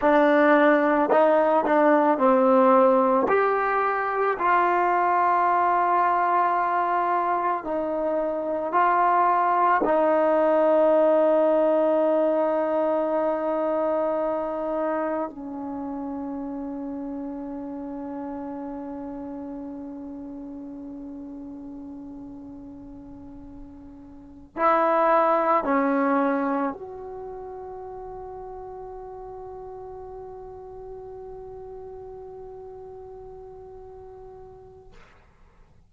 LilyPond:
\new Staff \with { instrumentName = "trombone" } { \time 4/4 \tempo 4 = 55 d'4 dis'8 d'8 c'4 g'4 | f'2. dis'4 | f'4 dis'2.~ | dis'2 cis'2~ |
cis'1~ | cis'2~ cis'8 e'4 cis'8~ | cis'8 fis'2.~ fis'8~ | fis'1 | }